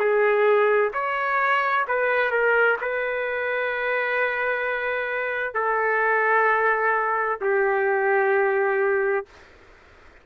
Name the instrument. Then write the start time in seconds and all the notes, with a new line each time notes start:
trumpet
0.00 G#4
0.94 C#5
1.88 B4
2.31 A#4
2.81 B4
5.55 A4
7.41 G4